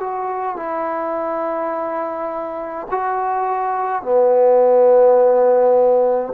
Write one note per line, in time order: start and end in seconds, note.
0.00 0.57 F#4
0.57 2.87 E4
2.91 4.02 F#4
4.02 6.33 B3